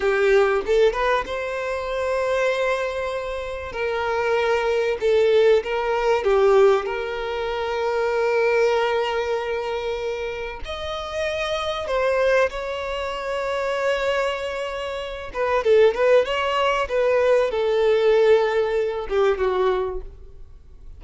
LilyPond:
\new Staff \with { instrumentName = "violin" } { \time 4/4 \tempo 4 = 96 g'4 a'8 b'8 c''2~ | c''2 ais'2 | a'4 ais'4 g'4 ais'4~ | ais'1~ |
ais'4 dis''2 c''4 | cis''1~ | cis''8 b'8 a'8 b'8 cis''4 b'4 | a'2~ a'8 g'8 fis'4 | }